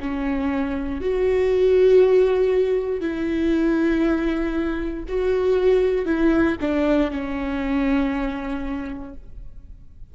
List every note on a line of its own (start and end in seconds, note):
0.00 1.01 C#4
1.01 3.00 F#4
3.00 5.03 E4
5.08 6.06 F#4
6.06 6.56 E4
6.61 7.10 D4
7.10 9.14 C#4